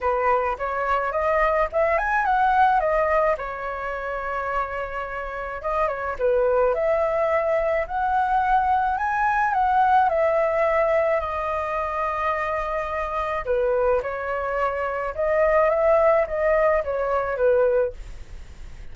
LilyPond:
\new Staff \with { instrumentName = "flute" } { \time 4/4 \tempo 4 = 107 b'4 cis''4 dis''4 e''8 gis''8 | fis''4 dis''4 cis''2~ | cis''2 dis''8 cis''8 b'4 | e''2 fis''2 |
gis''4 fis''4 e''2 | dis''1 | b'4 cis''2 dis''4 | e''4 dis''4 cis''4 b'4 | }